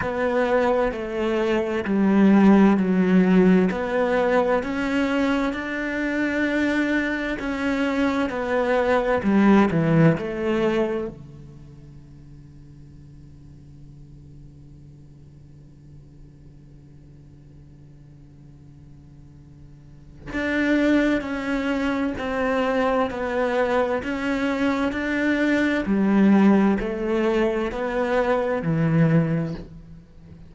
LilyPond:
\new Staff \with { instrumentName = "cello" } { \time 4/4 \tempo 4 = 65 b4 a4 g4 fis4 | b4 cis'4 d'2 | cis'4 b4 g8 e8 a4 | d1~ |
d1~ | d2 d'4 cis'4 | c'4 b4 cis'4 d'4 | g4 a4 b4 e4 | }